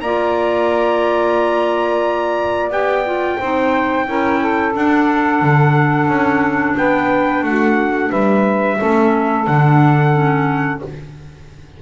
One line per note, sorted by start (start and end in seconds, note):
0.00 2.70 A#3
0.00 2.71 F4
0.00 3.38 D5
0.00 2.70 A#5
2.70 3.37 B3
2.70 3.05 G4
2.70 4.74 G5
3.05 3.39 F4
3.38 4.07 C4
3.38 4.06 D#4
3.38 4.06 C5
4.06 4.75 C#4
4.06 4.73 E4
4.06 4.40 A#4
4.40 6.76 A4
4.73 8.77 D4
4.73 5.41 D4
4.73 6.77 F#5
5.41 6.08 D3
6.08 6.75 C#4
6.77 7.43 B3
6.77 7.44 B4
6.77 7.44 G5
7.43 8.10 A3
7.43 8.09 F#4
7.43 8.11 F#5
8.09 8.79 G3
8.09 8.77 B4
8.09 9.46 E5
8.78 9.47 A3
8.78 9.45 C#4
8.78 10.81 A4
9.46 10.82 D3
9.46 10.12 D4
9.46 10.81 F#5
10.12 10.80 C#4